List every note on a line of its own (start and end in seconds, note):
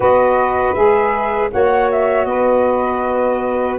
0.00 0.75 B3
0.00 0.74 F#4
0.00 1.51 B4
0.00 0.74 D#5
0.74 1.51 G#3
0.74 1.50 G#4
0.74 1.50 E5
1.51 2.25 A#3
1.51 3.78 F#4
1.51 2.28 C#5
1.51 1.90 F#5
1.91 2.24 E5
2.24 3.77 B3
2.24 3.78 B4
2.24 3.76 D#5